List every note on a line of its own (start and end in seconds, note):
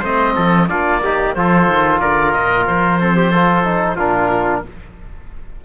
0.00 0.36 A3
0.00 0.69 C4
0.00 0.33 C5
0.00 0.69 D#5
0.36 0.71 F3
0.36 0.69 A4
0.69 1.36 A#3
0.69 1.02 D4
0.69 1.03 F4
0.69 1.35 D5
1.04 1.36 D#4
1.04 1.37 G4
1.35 1.68 F3
1.35 3.01 F4
1.35 2.02 A4
1.35 2.00 C5
1.68 2.01 D#3
2.00 2.36 D3
2.00 3.00 A#4
2.00 2.32 D5
2.32 2.68 A#2
2.32 2.65 D#5
2.68 3.98 F3
2.68 3.99 C5
3.00 3.34 C4
3.00 3.16 A4
3.16 3.31 G4
3.31 3.64 F4
3.31 3.96 A4
3.64 3.97 D#4
3.96 4.64 A#2
3.96 4.65 D4
3.96 4.62 F4
3.96 4.65 A#4